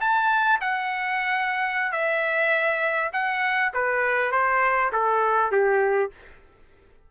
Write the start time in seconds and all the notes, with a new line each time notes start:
0.00 A5
0.60 F#5
1.92 E5
3.12 F#5
3.73 B4
4.32 C5
4.92 A4
5.51 G4